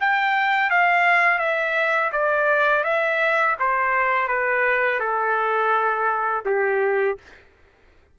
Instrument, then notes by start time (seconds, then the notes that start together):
trumpet
0.00 G5
0.70 F5
1.39 E5
2.12 D5
2.84 E5
3.59 C5
4.28 B4
5.00 A4
6.45 G4